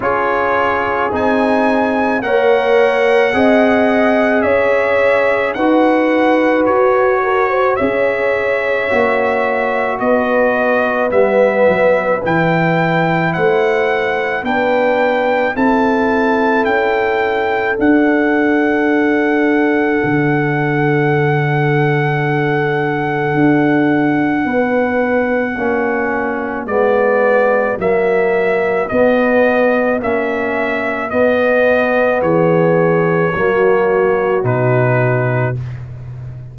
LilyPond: <<
  \new Staff \with { instrumentName = "trumpet" } { \time 4/4 \tempo 4 = 54 cis''4 gis''4 fis''2 | e''4 fis''4 cis''4 e''4~ | e''4 dis''4 e''4 g''4 | fis''4 g''4 a''4 g''4 |
fis''1~ | fis''1 | d''4 e''4 dis''4 e''4 | dis''4 cis''2 b'4 | }
  \new Staff \with { instrumentName = "horn" } { \time 4/4 gis'2 cis''4 dis''4 | cis''4 b'4. ais'16 c''16 cis''4~ | cis''4 b'2. | c''4 b'4 a'2~ |
a'1~ | a'2 b'4 fis'4~ | fis'1~ | fis'4 gis'4 fis'2 | }
  \new Staff \with { instrumentName = "trombone" } { \time 4/4 f'4 dis'4 ais'4 gis'4~ | gis'4 fis'2 gis'4 | fis'2 b4 e'4~ | e'4 d'4 e'2 |
d'1~ | d'2. cis'4 | b4 ais4 b4 cis'4 | b2 ais4 dis'4 | }
  \new Staff \with { instrumentName = "tuba" } { \time 4/4 cis'4 c'4 ais4 c'4 | cis'4 dis'4 fis'4 cis'4 | ais4 b4 g8 fis8 e4 | a4 b4 c'4 cis'4 |
d'2 d2~ | d4 d'4 b4 ais4 | gis4 fis4 b4 ais4 | b4 e4 fis4 b,4 | }
>>